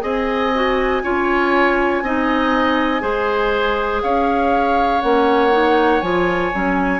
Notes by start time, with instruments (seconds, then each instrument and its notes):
0.00 bassoon C4, clarinet G#4, oboe D#5, flute G#5
0.54 clarinet F#4
1.03 bassoon C#4, clarinet F4, oboe C#5
2.02 bassoon C4, clarinet D#4, oboe D#5
3.00 bassoon G#3, clarinet G#4, oboe C5
4.02 bassoon C#4, oboe C#5, flute F5
5.01 bassoon A#3, clarinet C#4, flute F#5
5.51 clarinet D#4
6.01 bassoon F3, clarinet F4, flute G#5
6.53 bassoon F#3, clarinet C#4